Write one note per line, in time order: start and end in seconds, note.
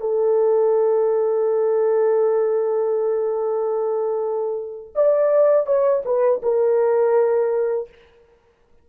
0.00 4.94 A4
4.95 5.66 D5
5.66 6.03 C#5
6.05 6.41 B4
6.42 7.88 A#4